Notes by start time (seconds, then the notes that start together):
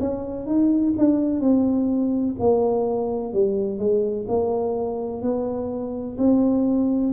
0.00 C#4
0.46 D#4
0.98 D4
1.40 C4
2.39 A#3
3.33 G3
3.78 G#3
4.28 A#3
5.22 B3
6.18 C4